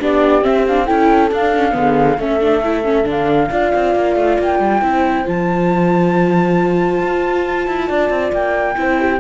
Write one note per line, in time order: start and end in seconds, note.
0.00 0.46 B3
0.00 0.42 D4
0.00 0.85 G4
0.00 0.44 D5
0.42 0.64 C4
0.42 0.91 C4
0.42 0.66 E5
0.67 0.86 D4
0.67 0.86 F5
0.85 1.31 C#4
0.85 1.30 E4
0.85 1.73 A4
0.85 1.30 G5
1.31 1.75 D4
1.31 1.54 D4
1.31 2.20 F5
1.56 1.71 C#4
1.71 2.18 D3
1.71 2.15 B3
1.77 2.18 G#4
2.18 3.05 A3
2.18 2.41 C#4
2.18 3.50 A4
2.18 3.08 E5
2.41 2.62 D4
2.63 2.84 E4
2.84 3.04 C#4
3.04 3.50 D3
3.04 3.48 D4
3.11 4.41 F5
3.51 3.73 D4
3.51 4.82 F4
3.51 4.83 D5
3.75 3.95 C4
3.95 4.16 A#3
4.16 4.38 A3
4.39 4.60 A#3
4.39 5.28 G5
4.60 4.81 G3
4.81 5.25 C4
4.81 5.25 E4
4.81 7.87 C5
5.25 7.02 F3
5.25 8.75 F4
5.25 8.34 A5
7.02 7.68 F4
7.68 7.89 E4
7.87 8.10 D4
7.87 8.75 D5
8.10 8.32 C4
8.32 8.76 A#3
8.32 9.21 G5
8.76 9.21 C4
8.76 9.19 E4
8.76 9.00 C5
9.00 9.21 G4